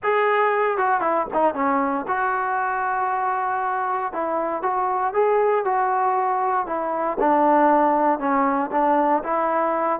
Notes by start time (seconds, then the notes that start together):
0.03 G#4
0.77 F#4
1.00 E4
1.33 D#4
1.54 C#4
2.07 F#4
4.13 E4
4.62 F#4
5.13 G#4
5.64 F#4
6.66 E4
7.19 D4
8.19 C#4
8.71 D4
9.23 E4